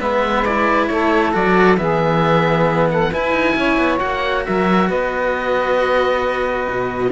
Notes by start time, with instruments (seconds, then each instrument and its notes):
0.00 cello G#3 B3, saxophone B4, oboe E5
0.45 cello E4, oboe D5
0.87 cello A3, saxophone A4, oboe C#5
1.33 cello F#3 F#4, oboe D5
1.77 cello E3 B3, saxophone G#4, oboe E5
2.91 saxophone A4, oboe F#5
3.10 cello E4, saxophone B4, oboe G#5
3.32 cello D#4
3.56 cello C#4, saxophone C#5
3.77 cello B3
3.98 cello A#3 F#4, oboe F#5
4.45 cello F#3, saxophone A#4, oboe E5
4.89 cello B3, saxophone B4, oboe D#5
6.70 cello B2